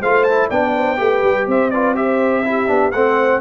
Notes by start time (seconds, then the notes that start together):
0.00 A3 F4 C5 F5
0.23 E4 A5
0.48 B3 D4 D5 G5
0.75 C5
0.97 A3 G4 B4
1.22 G3
1.47 C4 C5 E5
1.70 F4 B4 D5
1.95 G4 C5 E5
2.45 E4 G4
2.67 B3 D4
2.91 A3 C4 C5 F#5